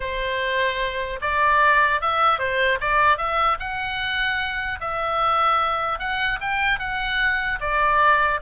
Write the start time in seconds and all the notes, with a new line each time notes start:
0.00 C5
1.21 D5
2.01 E5
2.39 C5
2.80 D5
3.17 E5
3.59 F#5
4.80 E5
5.99 F#5
6.40 G5
6.79 F#5
7.60 D5